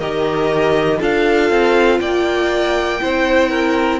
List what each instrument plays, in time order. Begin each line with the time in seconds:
0.00 cello D#3, viola G4, violin A#4 D#5
0.99 cello D4, viola F4, violin A4 F5
1.51 cello C4
2.00 cello A#3, violin D5 G5
3.01 cello C4, viola E4, violin C5
3.50 violin A#4